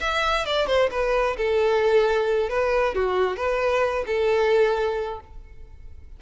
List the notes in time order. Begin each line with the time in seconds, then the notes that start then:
0.00 E5
0.46 D5
0.67 C5
0.91 B4
1.37 A4
2.49 B4
2.94 F#4
3.36 B4
4.06 A4